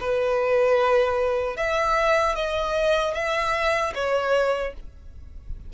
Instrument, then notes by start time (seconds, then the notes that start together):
violin
0.00 B4
1.56 E5
2.35 D#5
3.14 E5
3.94 C#5